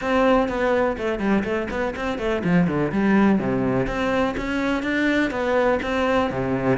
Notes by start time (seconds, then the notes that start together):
0.01 C4
0.48 B3
0.97 A3
1.19 G3
1.44 A3
1.70 B3
1.96 C4
2.18 A3
2.43 F3
2.67 D3
2.92 G3
3.38 C3
3.86 C4
4.37 C#4
4.83 D4
5.30 B3
5.82 C4
6.30 C3